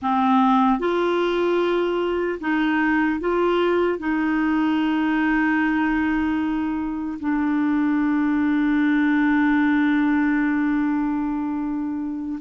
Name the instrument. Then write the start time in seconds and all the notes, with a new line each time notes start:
clarinet
0.01 C4
0.79 F4
2.40 D#4
3.20 F4
3.99 D#4
7.19 D4